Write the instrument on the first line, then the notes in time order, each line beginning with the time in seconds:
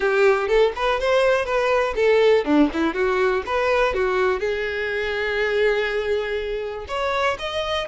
violin
0.00 G4
0.48 A4
0.75 B4
1.00 C5
1.45 B4
1.95 A4
2.44 D4
2.73 E4
2.94 F#4
3.46 B4
3.94 F#4
4.39 G#4
6.88 C#5
7.38 D#5